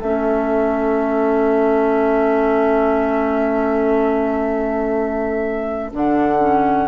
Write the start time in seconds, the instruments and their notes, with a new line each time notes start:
0.00 bassoon A3, clarinet C#4, oboe A4, flute E5
5.93 bassoon D3, clarinet D4, flute F#5
6.40 clarinet C#4